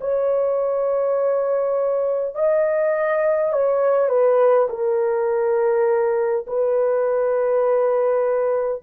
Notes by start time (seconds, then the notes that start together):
0.00 C#5
2.34 D#5
3.52 C#5
4.09 B4
4.69 A#4
6.47 B4